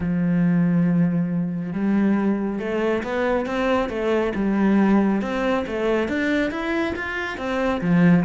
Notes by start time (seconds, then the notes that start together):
0.00 F3
1.73 G3
2.59 A3
3.03 B3
3.46 C4
3.89 A3
4.35 G3
5.21 C4
5.66 A3
6.08 D4
6.50 E4
6.95 F4
7.37 C4
7.81 F3